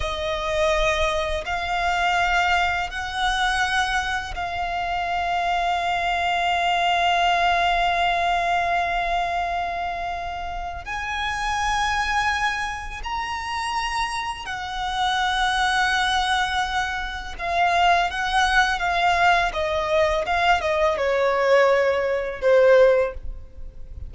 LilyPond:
\new Staff \with { instrumentName = "violin" } { \time 4/4 \tempo 4 = 83 dis''2 f''2 | fis''2 f''2~ | f''1~ | f''2. gis''4~ |
gis''2 ais''2 | fis''1 | f''4 fis''4 f''4 dis''4 | f''8 dis''8 cis''2 c''4 | }